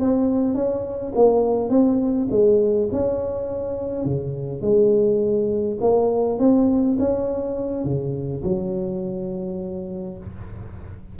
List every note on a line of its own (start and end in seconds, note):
0.00 0.54 C4
0.54 1.13 C#4
1.15 1.69 A#3
1.69 2.27 C4
2.31 2.89 G#3
2.92 4.05 C#4
4.05 4.61 C#3
4.61 5.78 G#3
5.80 6.39 A#3
6.39 6.97 C4
6.99 7.84 C#4
7.84 8.43 C#3
8.43 10.18 F#3